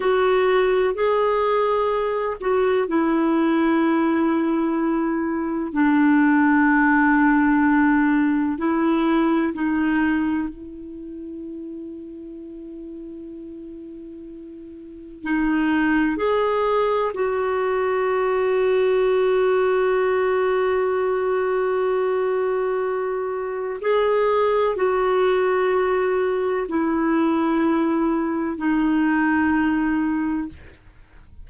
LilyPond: \new Staff \with { instrumentName = "clarinet" } { \time 4/4 \tempo 4 = 63 fis'4 gis'4. fis'8 e'4~ | e'2 d'2~ | d'4 e'4 dis'4 e'4~ | e'1 |
dis'4 gis'4 fis'2~ | fis'1~ | fis'4 gis'4 fis'2 | e'2 dis'2 | }